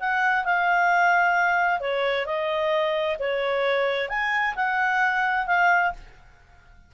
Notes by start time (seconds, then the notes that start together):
0.00 F#5
0.45 F5
1.80 C#5
2.26 D#5
3.19 C#5
4.09 G#5
4.56 F#5
5.47 F5